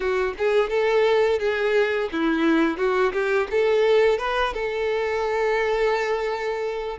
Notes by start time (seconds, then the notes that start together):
0.00 F#4
0.38 G#4
0.69 A4
1.39 G#4
2.12 E4
2.77 F#4
3.12 G4
3.51 A4
4.18 B4
4.53 A4